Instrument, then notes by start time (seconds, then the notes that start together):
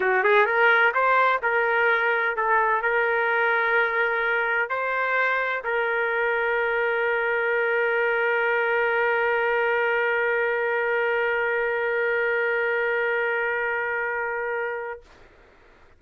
trumpet
0.00 F#4
0.23 G#4
0.45 A#4
0.94 C5
1.42 A#4
2.36 A4
2.81 A#4
4.69 C5
5.64 A#4